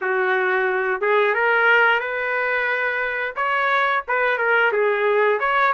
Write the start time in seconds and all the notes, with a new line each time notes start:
0.01 F#4
1.01 G#4
1.34 A#4
2.00 B4
3.36 C#5
4.08 B4
4.38 A#4
4.72 G#4
5.39 C#5